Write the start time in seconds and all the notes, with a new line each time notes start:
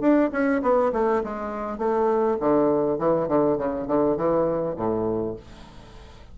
0.00 D4
0.32 C#4
0.62 B3
0.92 A3
1.23 G#3
1.78 A3
2.40 D3
2.98 E3
3.28 D3
3.58 C#3
3.87 D3
4.16 E3
4.76 A2